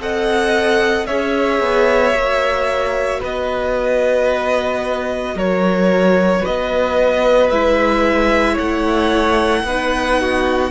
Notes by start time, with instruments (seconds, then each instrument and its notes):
0.00 cello C4, viola A4, violin D#5 F#5
1.06 cello C#4, viola G#4, violin C#5 E5
1.60 cello B3
2.13 cello A#3, viola F#4
3.20 cello B3, violin B4 D#5
5.35 cello F#3, violin A#4 C#5
6.40 violin B4 D#5
6.47 cello B3
7.50 cello G#3, viola E4, violin E5
8.53 cello A3, violin C#5 F#5
9.63 cello B3, viola D#4, violin B4
10.21 violin F#4